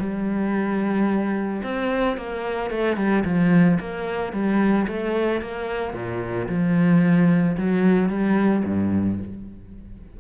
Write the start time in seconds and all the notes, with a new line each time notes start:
0.00 G3
1.63 C4
2.17 A#3
2.71 A3
2.97 G3
3.25 F3
3.80 A#3
4.33 G3
4.87 A3
5.42 A#3
5.94 A#2
6.48 F3
7.57 F#3
8.09 G3
8.65 G2